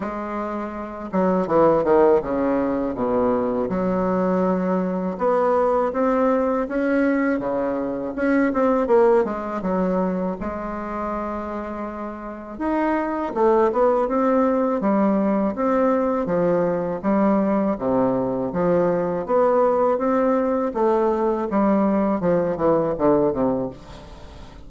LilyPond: \new Staff \with { instrumentName = "bassoon" } { \time 4/4 \tempo 4 = 81 gis4. fis8 e8 dis8 cis4 | b,4 fis2 b4 | c'4 cis'4 cis4 cis'8 c'8 | ais8 gis8 fis4 gis2~ |
gis4 dis'4 a8 b8 c'4 | g4 c'4 f4 g4 | c4 f4 b4 c'4 | a4 g4 f8 e8 d8 c8 | }